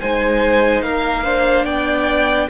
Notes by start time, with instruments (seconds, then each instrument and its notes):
0.00 cello G#3, viola D#4, violin C5 G#5
0.82 cello A#3, violin A#4 F5
1.23 viola D4, violin C5
1.65 cello B3, violin D5 G5